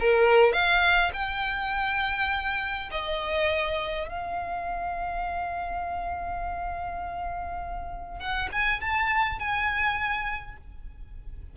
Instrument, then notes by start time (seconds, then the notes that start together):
violin
0.00 A#4
0.53 F5
1.14 G5
2.91 D#5
4.09 F5
8.20 F#5
8.52 G#5
8.81 A5
9.39 G#5